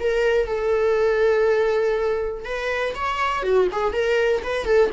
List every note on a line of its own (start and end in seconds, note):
0.00 0.47 A#4
0.47 2.45 A4
2.45 2.94 B4
2.95 3.43 C#5
3.43 3.68 F#4
3.72 3.93 G#4
3.93 4.43 A#4
4.43 4.65 B4
4.65 4.90 A4